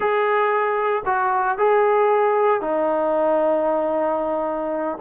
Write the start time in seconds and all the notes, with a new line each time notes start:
0.00 G#4
1.05 F#4
1.58 G#4
2.61 D#4